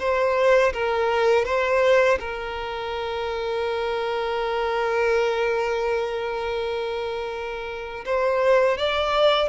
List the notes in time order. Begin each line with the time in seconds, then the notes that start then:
0.00 C5
0.74 A#4
1.45 C5
2.20 A#4
8.05 C5
8.78 D5